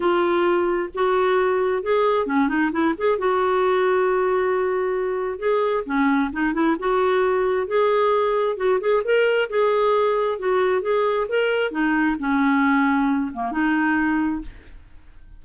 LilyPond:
\new Staff \with { instrumentName = "clarinet" } { \time 4/4 \tempo 4 = 133 f'2 fis'2 | gis'4 cis'8 dis'8 e'8 gis'8 fis'4~ | fis'1 | gis'4 cis'4 dis'8 e'8 fis'4~ |
fis'4 gis'2 fis'8 gis'8 | ais'4 gis'2 fis'4 | gis'4 ais'4 dis'4 cis'4~ | cis'4. ais8 dis'2 | }